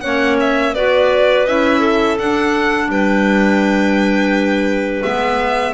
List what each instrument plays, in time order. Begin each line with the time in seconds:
0.00 double bass A#3, clarinet C#4 C#5, violin F#5
0.40 violin E5
0.74 double bass B3, clarinet F#4 B4, violin D5
1.46 double bass C#4, clarinet E4, violin E5
1.79 clarinet A4
2.18 double bass D4, clarinet D4, violin F#5
2.88 double bass G3, clarinet B4, violin G5
5.02 double bass G#3, clarinet B3, violin E5